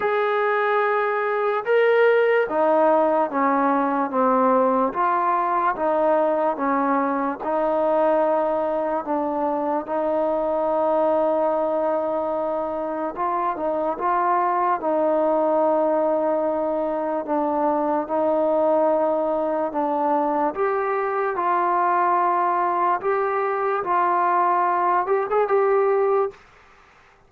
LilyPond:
\new Staff \with { instrumentName = "trombone" } { \time 4/4 \tempo 4 = 73 gis'2 ais'4 dis'4 | cis'4 c'4 f'4 dis'4 | cis'4 dis'2 d'4 | dis'1 |
f'8 dis'8 f'4 dis'2~ | dis'4 d'4 dis'2 | d'4 g'4 f'2 | g'4 f'4. g'16 gis'16 g'4 | }